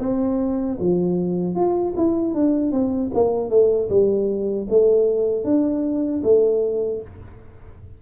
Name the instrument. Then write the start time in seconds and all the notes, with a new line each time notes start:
tuba
0.00 C4
0.80 F3
1.55 F4
1.97 E4
2.34 D4
2.72 C4
3.15 A#3
3.50 A3
3.90 G3
4.70 A3
5.45 D4
6.24 A3